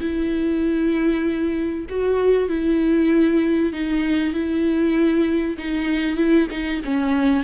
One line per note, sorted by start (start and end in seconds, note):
0.00 1.86 E4
1.89 2.48 F#4
2.48 3.72 E4
3.72 4.33 D#4
4.33 5.57 E4
5.58 6.16 D#4
6.16 6.47 E4
6.50 6.81 D#4
6.84 7.43 C#4